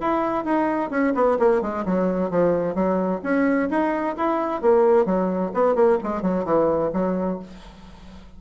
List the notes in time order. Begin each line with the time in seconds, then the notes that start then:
0.00 E4
0.44 D#4
0.90 C#4
1.14 B3
1.39 A#3
1.61 G#3
1.85 F#3
2.30 F3
2.74 F#3
3.23 C#4
3.70 D#4
4.16 E4
4.61 A#3
5.05 F#3
5.53 B3
5.75 A#3
6.03 G#3
6.22 F#3
6.45 E3
6.93 F#3